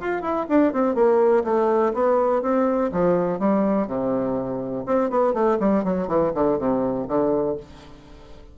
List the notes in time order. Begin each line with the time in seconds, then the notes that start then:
0.00 F4
0.22 E4
0.49 D4
0.73 C4
0.95 A#3
1.44 A3
1.94 B3
2.42 C4
2.92 F3
3.39 G3
3.87 C3
4.86 C4
5.10 B3
5.34 A3
5.60 G3
5.84 F#3
6.08 E3
6.34 D3
6.58 C3
7.08 D3